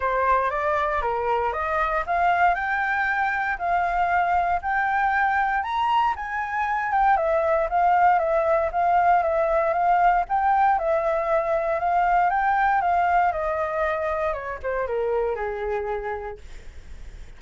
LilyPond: \new Staff \with { instrumentName = "flute" } { \time 4/4 \tempo 4 = 117 c''4 d''4 ais'4 dis''4 | f''4 g''2 f''4~ | f''4 g''2 ais''4 | gis''4. g''8 e''4 f''4 |
e''4 f''4 e''4 f''4 | g''4 e''2 f''4 | g''4 f''4 dis''2 | cis''8 c''8 ais'4 gis'2 | }